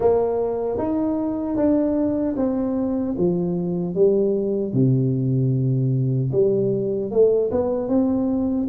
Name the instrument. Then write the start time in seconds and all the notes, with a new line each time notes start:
tuba
0.00 A#3
0.78 D#4
1.56 D4
2.36 C4
3.17 F3
3.95 G3
4.73 C3
6.32 G3
7.11 A3
7.51 B3
7.88 C4